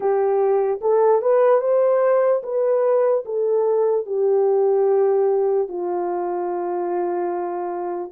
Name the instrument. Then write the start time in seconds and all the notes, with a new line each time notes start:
horn
0.00 G4
0.81 A4
1.21 B4
1.60 C5
2.43 B4
3.25 A4
4.06 G4
5.68 F4